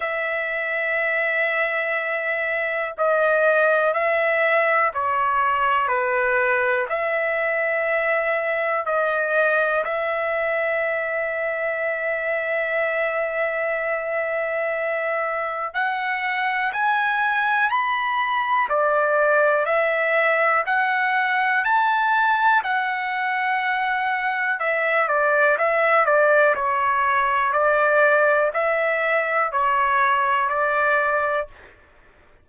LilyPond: \new Staff \with { instrumentName = "trumpet" } { \time 4/4 \tempo 4 = 61 e''2. dis''4 | e''4 cis''4 b'4 e''4~ | e''4 dis''4 e''2~ | e''1 |
fis''4 gis''4 b''4 d''4 | e''4 fis''4 a''4 fis''4~ | fis''4 e''8 d''8 e''8 d''8 cis''4 | d''4 e''4 cis''4 d''4 | }